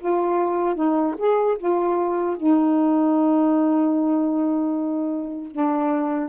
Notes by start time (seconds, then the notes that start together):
0.00 F4
0.76 D#4
1.18 G#4
1.58 F4
2.37 D#4
5.52 D4